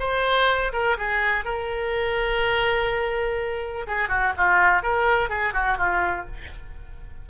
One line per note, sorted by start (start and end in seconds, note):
0.00 0.73 C5
0.73 0.97 A#4
0.98 1.45 G#4
1.45 3.87 A#4
3.87 4.09 G#4
4.09 4.33 F#4
4.37 4.83 F4
4.83 5.30 A#4
5.30 5.54 G#4
5.54 5.78 F#4
5.78 6.27 F4